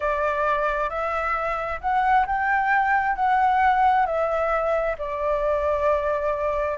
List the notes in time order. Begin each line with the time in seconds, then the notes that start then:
0.00 D5
0.89 E5
1.80 F#5
2.26 G5
3.15 F#5
4.05 E5
4.98 D5